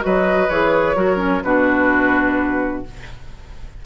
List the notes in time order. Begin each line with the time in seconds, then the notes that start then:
0.00 F#3 F#4 B4 D#5
0.49 E3 G#4 C#5
0.95 F#3 F#4 A#4
1.17 C#4
1.43 B2 D4 F#4 B4